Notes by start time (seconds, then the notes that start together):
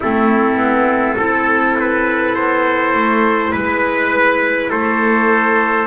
0.00 A3 C4 E4 A4
0.56 B3
1.16 C4 E4 A4
1.79 B4
2.35 B3 C5
2.94 A3
3.50 G#3 B4
4.69 A3 A4 C5